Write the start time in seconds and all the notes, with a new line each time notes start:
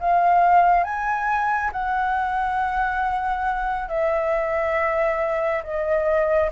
0.00 F5
0.84 G#5
1.72 F#5
3.89 E5
5.63 D#5